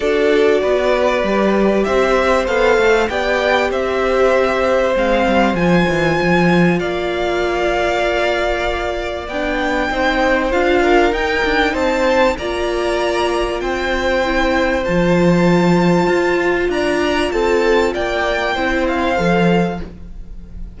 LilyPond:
<<
  \new Staff \with { instrumentName = "violin" } { \time 4/4 \tempo 4 = 97 d''2. e''4 | f''4 g''4 e''2 | f''4 gis''2 f''4~ | f''2. g''4~ |
g''4 f''4 g''4 a''4 | ais''2 g''2 | a''2. ais''4 | a''4 g''4. f''4. | }
  \new Staff \with { instrumentName = "violin" } { \time 4/4 a'4 b'2 c''4~ | c''4 d''4 c''2~ | c''2. d''4~ | d''1 |
c''4. ais'4. c''4 | d''2 c''2~ | c''2. d''4 | a'4 d''4 c''2 | }
  \new Staff \with { instrumentName = "viola" } { \time 4/4 fis'2 g'2 | a'4 g'2. | c'4 f'2.~ | f'2. d'4 |
dis'4 f'4 dis'2 | f'2. e'4 | f'1~ | f'2 e'4 a'4 | }
  \new Staff \with { instrumentName = "cello" } { \time 4/4 d'4 b4 g4 c'4 | b8 a8 b4 c'2 | gis8 g8 f8 e8 f4 ais4~ | ais2. b4 |
c'4 d'4 dis'8 d'8 c'4 | ais2 c'2 | f2 f'4 d'4 | c'4 ais4 c'4 f4 | }
>>